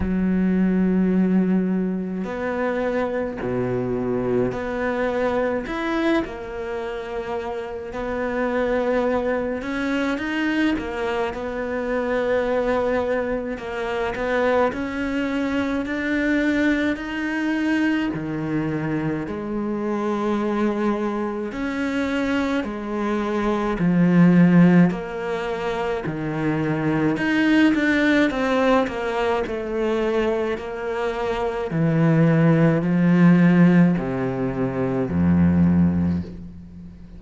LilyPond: \new Staff \with { instrumentName = "cello" } { \time 4/4 \tempo 4 = 53 fis2 b4 b,4 | b4 e'8 ais4. b4~ | b8 cis'8 dis'8 ais8 b2 | ais8 b8 cis'4 d'4 dis'4 |
dis4 gis2 cis'4 | gis4 f4 ais4 dis4 | dis'8 d'8 c'8 ais8 a4 ais4 | e4 f4 c4 f,4 | }